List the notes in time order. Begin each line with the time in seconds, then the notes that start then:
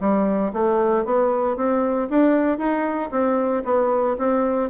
0.00 G3
0.53 A3
1.05 B3
1.56 C4
2.10 D4
2.58 D#4
3.11 C4
3.65 B3
4.18 C4